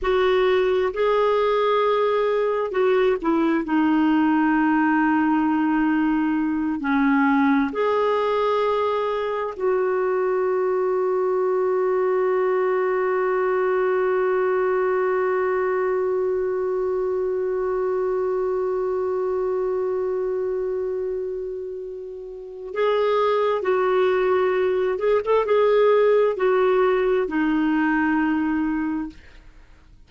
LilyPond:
\new Staff \with { instrumentName = "clarinet" } { \time 4/4 \tempo 4 = 66 fis'4 gis'2 fis'8 e'8 | dis'2.~ dis'8 cis'8~ | cis'8 gis'2 fis'4.~ | fis'1~ |
fis'1~ | fis'1~ | fis'4 gis'4 fis'4. gis'16 a'16 | gis'4 fis'4 dis'2 | }